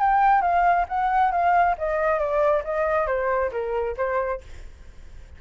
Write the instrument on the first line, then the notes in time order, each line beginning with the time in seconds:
flute
0.00 G5
0.42 F5
0.88 F#5
1.32 F5
1.78 D#5
2.19 D5
2.64 D#5
3.07 C5
3.52 A#4
3.97 C5